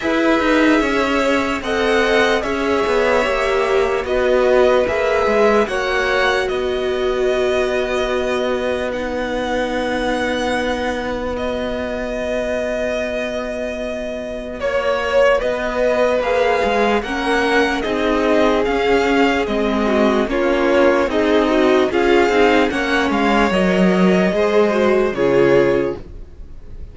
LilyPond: <<
  \new Staff \with { instrumentName = "violin" } { \time 4/4 \tempo 4 = 74 e''2 fis''4 e''4~ | e''4 dis''4 e''4 fis''4 | dis''2. fis''4~ | fis''2 dis''2~ |
dis''2 cis''4 dis''4 | f''4 fis''4 dis''4 f''4 | dis''4 cis''4 dis''4 f''4 | fis''8 f''8 dis''2 cis''4 | }
  \new Staff \with { instrumentName = "violin" } { \time 4/4 b'4 cis''4 dis''4 cis''4~ | cis''4 b'2 cis''4 | b'1~ | b'1~ |
b'2 cis''4 b'4~ | b'4 ais'4 gis'2~ | gis'8 fis'8 f'4 dis'4 gis'4 | cis''2 c''4 gis'4 | }
  \new Staff \with { instrumentName = "viola" } { \time 4/4 gis'2 a'4 gis'4 | g'4 fis'4 gis'4 fis'4~ | fis'2. dis'4~ | dis'2 fis'2~ |
fis'1 | gis'4 cis'4 dis'4 cis'4 | c'4 cis'4 gis'8 fis'8 f'8 dis'8 | cis'4 ais'4 gis'8 fis'8 f'4 | }
  \new Staff \with { instrumentName = "cello" } { \time 4/4 e'8 dis'8 cis'4 c'4 cis'8 b8 | ais4 b4 ais8 gis8 ais4 | b1~ | b1~ |
b2 ais4 b4 | ais8 gis8 ais4 c'4 cis'4 | gis4 ais4 c'4 cis'8 c'8 | ais8 gis8 fis4 gis4 cis4 | }
>>